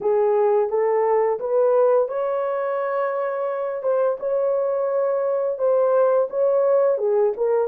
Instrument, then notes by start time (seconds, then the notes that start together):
horn
0.00 G#4
0.69 A4
1.40 B4
2.08 C#5
3.82 C5
4.19 C#5
5.58 C5
6.30 C#5
6.98 G#4
7.36 A#4